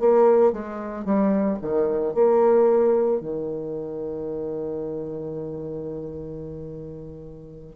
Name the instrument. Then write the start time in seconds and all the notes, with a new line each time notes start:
bassoon
0.00 A#3
0.53 G#3
1.05 G3
1.62 D#3
2.14 A#3
3.21 D#3